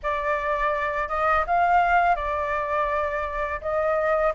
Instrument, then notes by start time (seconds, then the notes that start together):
flute
0.02 D5
1.08 D#5
1.47 F5
2.15 D5
3.61 D#5